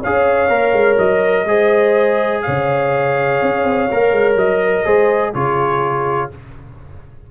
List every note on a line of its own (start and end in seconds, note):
0.00 0.49 C#4
0.00 0.49 G#4
0.00 1.45 C#5
0.00 0.98 F5
0.49 0.73 A#3
0.49 1.46 A#4
0.73 0.97 G#3
0.98 1.45 F#3
0.98 2.42 D#5
1.45 2.42 G#3
1.45 3.90 G#4
1.45 2.45 C5
2.42 3.42 C#3
2.42 4.85 C#5
2.42 4.36 F5
3.42 3.64 C#4
3.64 3.88 C4
3.91 4.12 A#3
3.91 4.85 A#4
4.12 4.36 G#3
4.36 4.84 F#3
4.36 5.34 D#5
4.85 5.34 G#3
4.85 5.34 G#4
4.85 5.32 C5
5.32 6.31 C#3
5.32 6.31 F4
5.32 6.29 G#4
5.32 6.31 C#5